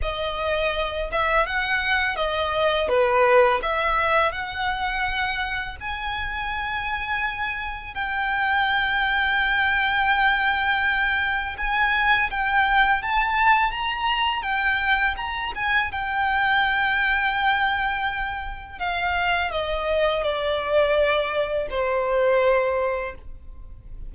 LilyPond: \new Staff \with { instrumentName = "violin" } { \time 4/4 \tempo 4 = 83 dis''4. e''8 fis''4 dis''4 | b'4 e''4 fis''2 | gis''2. g''4~ | g''1 |
gis''4 g''4 a''4 ais''4 | g''4 ais''8 gis''8 g''2~ | g''2 f''4 dis''4 | d''2 c''2 | }